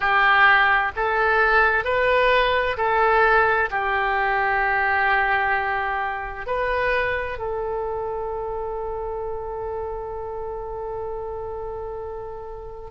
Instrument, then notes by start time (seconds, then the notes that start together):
oboe
0.00 G4
0.96 A4
1.84 B4
2.77 A4
3.70 G4
6.46 B4
7.38 A4